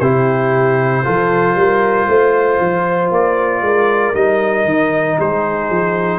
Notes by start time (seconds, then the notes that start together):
0.00 C3 E4 G4 C5
1.05 F3 F4 A4
1.56 G3 A#4
2.08 A3 C5
2.61 F3
3.11 A#3 D5
3.62 G#3 A#4
4.15 G3 D#4 D#5
4.65 D#3
5.18 G#3 G#4 C5
5.70 F3